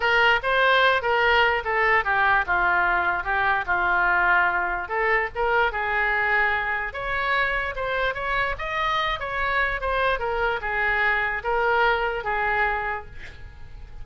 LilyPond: \new Staff \with { instrumentName = "oboe" } { \time 4/4 \tempo 4 = 147 ais'4 c''4. ais'4. | a'4 g'4 f'2 | g'4 f'2. | a'4 ais'4 gis'2~ |
gis'4 cis''2 c''4 | cis''4 dis''4. cis''4. | c''4 ais'4 gis'2 | ais'2 gis'2 | }